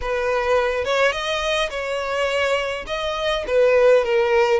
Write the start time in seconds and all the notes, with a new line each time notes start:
0.01 B4
0.84 C#5
1.12 D#5
1.69 C#5
2.87 D#5
3.47 B4
4.04 A#4